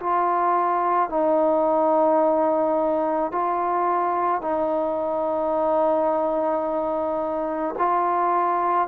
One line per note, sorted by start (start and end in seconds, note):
0.00 1.10 F4
1.10 3.32 D#4
3.32 4.42 F4
4.42 7.75 D#4
7.79 8.88 F4